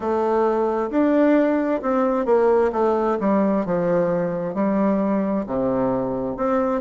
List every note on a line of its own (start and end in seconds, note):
0.00 0.90 A3
0.90 1.81 D4
1.81 2.25 C4
2.25 2.71 A#3
2.72 3.17 A3
3.20 3.65 G3
3.65 4.54 F3
4.54 5.45 G3
5.46 6.36 C3
6.36 6.81 C4